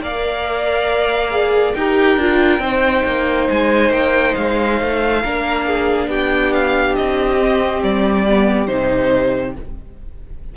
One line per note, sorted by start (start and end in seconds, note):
0.00 1.74 A#3
0.00 1.30 A#4
0.00 1.76 D5
0.00 1.74 F5
1.30 1.74 G#4
1.74 2.17 D#4
1.74 2.20 G4
1.74 2.62 A#4
1.74 3.48 G5
2.17 2.59 D4
2.17 2.61 F4
2.59 3.02 C4
2.59 5.22 D#4
2.59 5.22 C5
3.06 3.49 A#3
3.49 3.90 G#3
3.49 3.92 G#5
3.90 4.34 A#3
3.90 4.35 G5
4.35 4.81 G#3
4.35 6.09 F5
4.81 5.24 A3
5.22 6.07 A#3
5.22 7.40 D4
5.22 5.66 A#4
5.66 6.09 G#4
6.07 6.94 B3
6.07 9.57 G4
6.07 6.53 G5
6.53 6.95 F5
6.95 7.83 C4
6.95 7.82 D#5
7.40 8.27 C4
7.83 8.69 G3
7.83 8.67 D5
8.27 8.68 B3
8.67 9.56 C3
8.67 9.55 D#4
8.67 9.54 C5